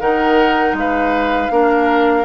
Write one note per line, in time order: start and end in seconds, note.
0.00 0.73 D#3
0.00 1.50 D#4
0.00 0.75 A#4
0.00 0.75 F#5
0.73 1.48 G#3
0.73 1.52 B4
0.73 2.24 F5
1.50 2.24 A#3
1.50 2.24 D4
1.50 2.24 A#4